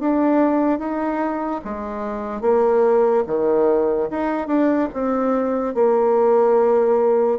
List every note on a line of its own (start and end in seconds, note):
0.00 0.79 D4
0.79 1.61 D#4
1.64 2.42 G#3
2.42 3.24 A#3
3.27 4.09 D#3
4.11 4.48 D#4
4.48 4.89 D4
4.94 5.75 C4
5.75 7.39 A#3